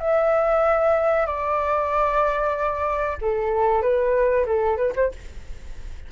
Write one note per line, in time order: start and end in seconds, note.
0.00 1.26 E5
1.26 3.18 D5
3.21 3.82 A4
3.82 4.46 B4
4.47 4.77 A4
4.77 4.93 B4
4.96 5.12 C5